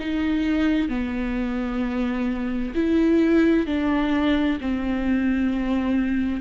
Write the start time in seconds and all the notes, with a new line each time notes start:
0.00 D#4
0.89 B3
2.75 E4
3.67 D4
4.61 C4